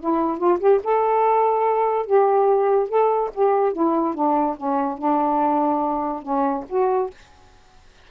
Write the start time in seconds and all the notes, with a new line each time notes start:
0.00 E4
0.38 F4
0.60 G4
0.84 A4
2.06 G4
2.89 A4
3.34 G4
3.73 E4
4.15 D4
4.57 C#4
4.98 D4
6.23 C#4
6.69 F#4